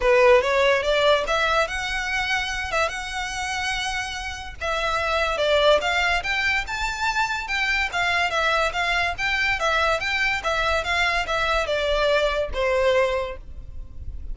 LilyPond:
\new Staff \with { instrumentName = "violin" } { \time 4/4 \tempo 4 = 144 b'4 cis''4 d''4 e''4 | fis''2~ fis''8 e''8 fis''4~ | fis''2. e''4~ | e''4 d''4 f''4 g''4 |
a''2 g''4 f''4 | e''4 f''4 g''4 e''4 | g''4 e''4 f''4 e''4 | d''2 c''2 | }